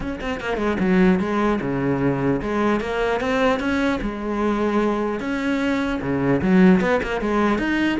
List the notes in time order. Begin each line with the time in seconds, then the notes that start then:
0.00 C#4
0.21 C4
0.40 A#3
0.57 G#3
0.79 F#3
1.19 G#3
1.61 C#3
2.41 G#3
2.80 A#3
3.20 C4
3.59 C#4
4.01 G#3
5.20 C#4
6.01 C#3
6.41 F#3
6.80 B3
7.02 A#3
7.20 G#3
7.58 D#4